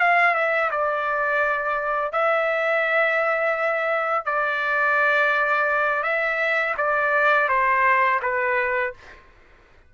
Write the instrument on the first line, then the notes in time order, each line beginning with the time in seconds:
trumpet
0.00 F5
0.34 E5
0.71 D5
2.12 E5
4.25 D5
6.03 E5
6.77 D5
7.49 C5
8.22 B4